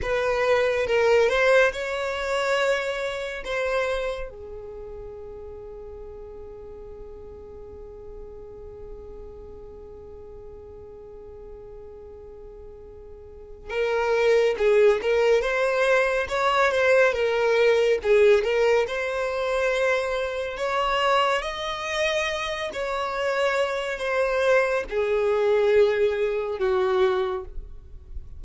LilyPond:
\new Staff \with { instrumentName = "violin" } { \time 4/4 \tempo 4 = 70 b'4 ais'8 c''8 cis''2 | c''4 gis'2.~ | gis'1~ | gis'1 |
ais'4 gis'8 ais'8 c''4 cis''8 c''8 | ais'4 gis'8 ais'8 c''2 | cis''4 dis''4. cis''4. | c''4 gis'2 fis'4 | }